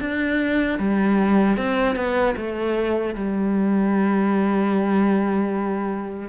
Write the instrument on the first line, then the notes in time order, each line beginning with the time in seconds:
cello
0.00 D4
0.79 G3
1.57 C4
1.95 B3
2.36 A3
3.15 G3